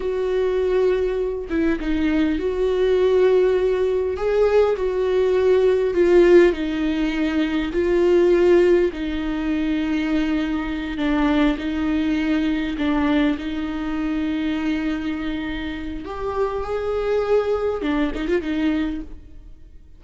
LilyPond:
\new Staff \with { instrumentName = "viola" } { \time 4/4 \tempo 4 = 101 fis'2~ fis'8 e'8 dis'4 | fis'2. gis'4 | fis'2 f'4 dis'4~ | dis'4 f'2 dis'4~ |
dis'2~ dis'8 d'4 dis'8~ | dis'4. d'4 dis'4.~ | dis'2. g'4 | gis'2 d'8 dis'16 f'16 dis'4 | }